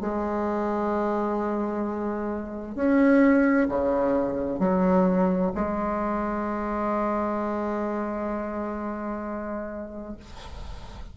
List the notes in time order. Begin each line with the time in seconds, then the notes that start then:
0.00 G#3
2.75 C#4
3.68 C#3
4.59 F#3
5.54 G#3